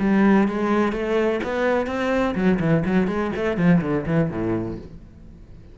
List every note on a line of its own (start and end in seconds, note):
0.00 0.48 G3
0.48 0.92 G#3
0.92 1.40 A3
1.43 1.87 B3
1.87 2.35 C4
2.35 2.59 F#3
2.60 2.84 E3
2.86 3.07 F#3
3.07 3.31 G#3
3.36 3.57 A3
3.57 3.81 F3
3.81 4.05 D3
4.06 4.30 E3
4.30 4.78 A2